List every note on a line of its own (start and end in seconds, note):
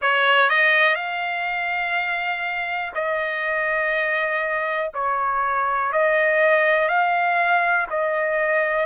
0.01 0.49 C#5
0.49 0.95 D#5
0.95 2.92 F5
2.94 4.91 D#5
4.94 5.92 C#5
5.92 6.88 D#5
6.88 7.86 F5
7.90 8.85 D#5